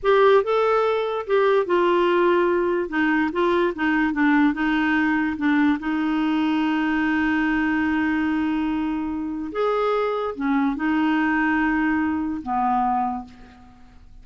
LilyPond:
\new Staff \with { instrumentName = "clarinet" } { \time 4/4 \tempo 4 = 145 g'4 a'2 g'4 | f'2. dis'4 | f'4 dis'4 d'4 dis'4~ | dis'4 d'4 dis'2~ |
dis'1~ | dis'2. gis'4~ | gis'4 cis'4 dis'2~ | dis'2 b2 | }